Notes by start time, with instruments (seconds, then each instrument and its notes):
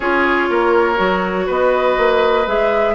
0.00 bassoon C#4, clarinet F4, oboe G#4, flute C#5
0.50 bassoon A#3, oboe A#4
0.95 bassoon F#3, clarinet F#4
1.46 bassoon B3, oboe B4, flute D#5
1.97 bassoon A#3
2.46 bassoon G#3, clarinet G#4, flute E5